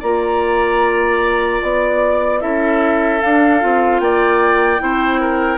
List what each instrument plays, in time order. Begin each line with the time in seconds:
0.00 bassoon A#3, clarinet F4, oboe D5, flute A#5
1.62 bassoon B3, flute D5
2.41 bassoon C#4, clarinet E4, oboe A4, flute E5
3.21 clarinet D4, bassoon D4, flute F5
3.61 bassoon C4, clarinet F4
4.00 bassoon A#3, oboe D5, flute G5
4.79 bassoon C4, clarinet E4, oboe C5
5.21 oboe A#4